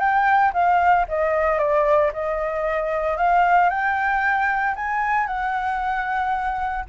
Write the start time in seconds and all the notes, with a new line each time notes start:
0.00 G5
0.54 F5
1.09 D#5
1.59 D5
2.14 D#5
3.18 F5
3.70 G5
4.76 G#5
5.27 F#5